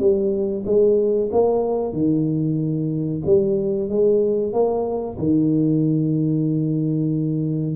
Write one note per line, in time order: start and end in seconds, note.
0.00 0.65 G3
0.66 1.30 G#3
1.32 1.93 A#3
1.93 3.22 D#3
3.26 3.89 G3
3.89 4.53 G#3
4.53 5.18 A#3
5.18 7.76 D#3